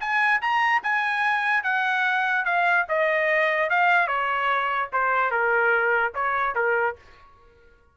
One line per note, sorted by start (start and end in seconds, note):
0.00 0.41 G#5
0.42 0.82 A#5
0.83 1.63 G#5
1.63 2.45 F#5
2.45 2.86 F5
2.89 3.70 D#5
3.70 4.07 F5
4.07 4.89 C#5
4.93 5.31 C5
5.31 6.13 A#4
6.15 6.55 C#5
6.55 6.96 A#4